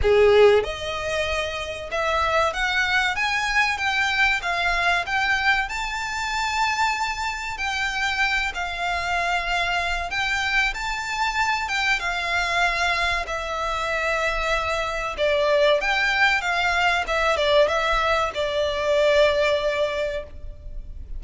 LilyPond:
\new Staff \with { instrumentName = "violin" } { \time 4/4 \tempo 4 = 95 gis'4 dis''2 e''4 | fis''4 gis''4 g''4 f''4 | g''4 a''2. | g''4. f''2~ f''8 |
g''4 a''4. g''8 f''4~ | f''4 e''2. | d''4 g''4 f''4 e''8 d''8 | e''4 d''2. | }